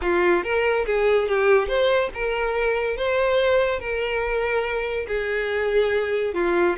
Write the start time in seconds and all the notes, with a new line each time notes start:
0.01 F4
0.43 A#4
0.86 G#4
1.28 G4
1.67 C5
2.13 A#4
2.96 C5
3.79 A#4
5.07 G#4
6.34 F4